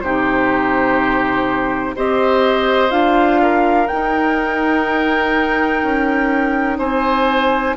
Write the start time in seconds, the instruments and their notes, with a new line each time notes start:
0.00 bassoon C3, clarinet D#4, oboe G4, flute C5
1.95 bassoon C4, clarinet G4, oboe C5, flute D#5
2.90 bassoon D4, clarinet F4, flute F5
3.42 oboe A#4
3.87 clarinet D#4, flute G5
3.93 bassoon D#4
5.83 bassoon C#4
6.78 bassoon C4, oboe C5, flute G#5